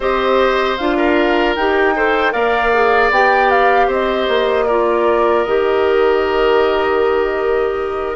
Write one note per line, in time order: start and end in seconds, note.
0.00 0.78 C4
0.00 0.78 G4
0.00 0.96 C5
0.00 0.77 D#5
0.77 1.56 D4
0.77 1.57 F4
0.77 1.55 F5
0.96 1.94 A#4
1.55 2.34 D#4
1.55 1.95 G4
1.55 2.32 G5
1.95 2.31 A4
1.95 2.32 C5
2.31 3.10 A#3
2.31 2.70 A#4
2.31 3.87 D5
2.31 3.10 F5
2.73 3.12 G#4
3.10 3.88 B3
3.10 4.69 G4
3.10 3.50 G5
3.50 3.89 F5
3.87 4.27 C4
3.87 4.65 C5
3.87 4.68 D#5
4.28 5.45 A#3
4.66 5.47 F4
4.66 8.16 A#4
4.66 5.44 D5
5.44 8.16 D#3
5.44 8.16 G4
5.44 8.16 D#5